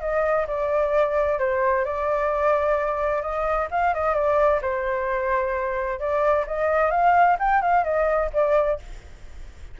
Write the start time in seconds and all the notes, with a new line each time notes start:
0.00 D#5
0.47 D5
1.38 C5
1.85 D5
3.21 D#5
3.70 F5
3.94 D#5
4.14 D5
4.61 C5
5.99 D5
6.46 D#5
6.90 F5
7.39 G5
7.61 F5
7.83 D#5
8.33 D5